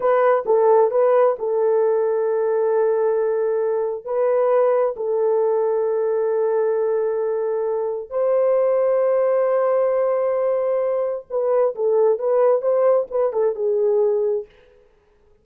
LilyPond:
\new Staff \with { instrumentName = "horn" } { \time 4/4 \tempo 4 = 133 b'4 a'4 b'4 a'4~ | a'1~ | a'4 b'2 a'4~ | a'1~ |
a'2 c''2~ | c''1~ | c''4 b'4 a'4 b'4 | c''4 b'8 a'8 gis'2 | }